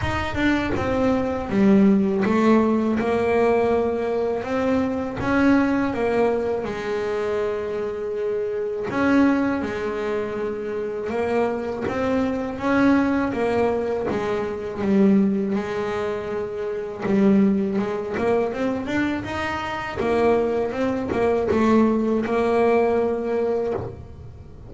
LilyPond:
\new Staff \with { instrumentName = "double bass" } { \time 4/4 \tempo 4 = 81 dis'8 d'8 c'4 g4 a4 | ais2 c'4 cis'4 | ais4 gis2. | cis'4 gis2 ais4 |
c'4 cis'4 ais4 gis4 | g4 gis2 g4 | gis8 ais8 c'8 d'8 dis'4 ais4 | c'8 ais8 a4 ais2 | }